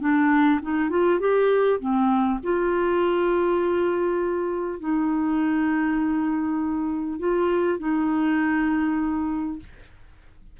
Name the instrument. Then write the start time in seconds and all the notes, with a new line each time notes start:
clarinet
0.00 D4
0.62 D#4
0.89 F4
1.19 G4
1.80 C4
2.43 F4
4.79 D#4
7.19 F4
7.79 D#4